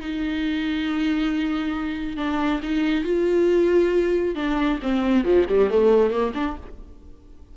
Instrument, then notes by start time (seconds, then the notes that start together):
viola
0.00 D#4
2.17 D4
2.62 D#4
3.04 F4
4.35 D4
4.82 C4
5.24 F3
5.48 G3
5.70 A3
6.10 A#3
6.34 D4